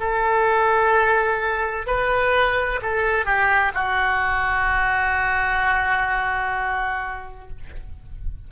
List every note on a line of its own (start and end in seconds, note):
0.00 1.87 A4
1.87 2.80 B4
2.82 3.26 A4
3.26 3.72 G4
3.74 7.49 F#4